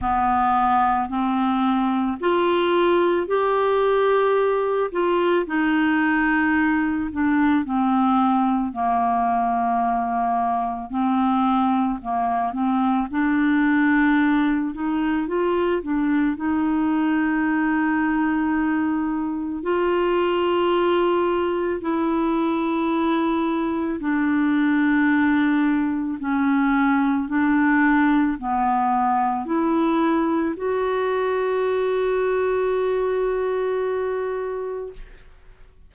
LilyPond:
\new Staff \with { instrumentName = "clarinet" } { \time 4/4 \tempo 4 = 55 b4 c'4 f'4 g'4~ | g'8 f'8 dis'4. d'8 c'4 | ais2 c'4 ais8 c'8 | d'4. dis'8 f'8 d'8 dis'4~ |
dis'2 f'2 | e'2 d'2 | cis'4 d'4 b4 e'4 | fis'1 | }